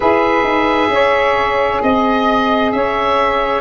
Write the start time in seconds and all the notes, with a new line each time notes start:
0.00 E4 G#4 B4 E5
0.43 D#4
0.88 C#4 C#5
1.82 C4 D#5
2.71 C#4 C#5 E5